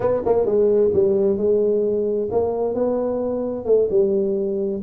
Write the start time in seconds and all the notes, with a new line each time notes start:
0.00 B3
0.25 A#3
0.45 G#3
0.93 G3
1.37 G#3
2.31 A#3
2.74 B3
3.65 A3
3.90 G3